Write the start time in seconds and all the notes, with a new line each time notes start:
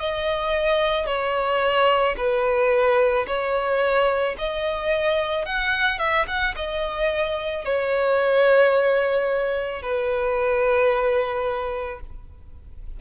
0.00 D#5
1.07 C#5
2.17 B4
3.27 C#5
4.38 D#5
5.45 F#5
5.99 E5
6.28 F#5
6.56 D#5
7.65 C#5
9.82 B4